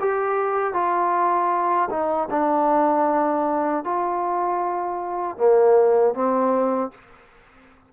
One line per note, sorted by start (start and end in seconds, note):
0.00 0.73 G4
0.73 1.88 F4
1.90 2.28 D#4
2.30 3.84 D4
3.84 5.37 F4
5.37 6.14 A#3
6.14 6.91 C4